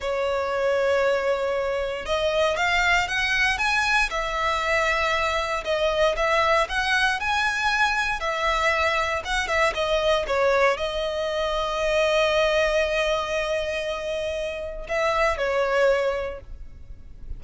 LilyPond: \new Staff \with { instrumentName = "violin" } { \time 4/4 \tempo 4 = 117 cis''1 | dis''4 f''4 fis''4 gis''4 | e''2. dis''4 | e''4 fis''4 gis''2 |
e''2 fis''8 e''8 dis''4 | cis''4 dis''2.~ | dis''1~ | dis''4 e''4 cis''2 | }